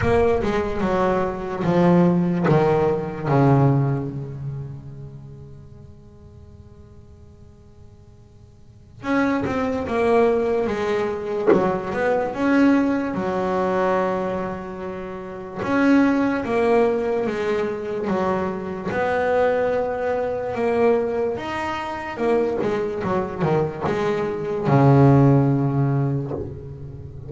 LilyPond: \new Staff \with { instrumentName = "double bass" } { \time 4/4 \tempo 4 = 73 ais8 gis8 fis4 f4 dis4 | cis4 gis2.~ | gis2. cis'8 c'8 | ais4 gis4 fis8 b8 cis'4 |
fis2. cis'4 | ais4 gis4 fis4 b4~ | b4 ais4 dis'4 ais8 gis8 | fis8 dis8 gis4 cis2 | }